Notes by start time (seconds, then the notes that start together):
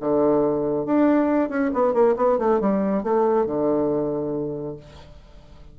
0.00 D3
0.85 D4
1.49 C#4
1.73 B3
1.93 A#3
2.16 B3
2.38 A3
2.60 G3
3.03 A3
3.46 D3